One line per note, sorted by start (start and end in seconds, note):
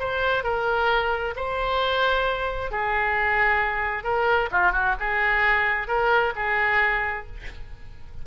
0.00 0.44 C5
0.44 1.35 A#4
1.36 2.72 C5
2.72 4.04 G#4
4.04 4.50 A#4
4.52 4.73 F4
4.73 4.95 F#4
5.00 5.88 G#4
5.88 6.34 A#4
6.36 7.27 G#4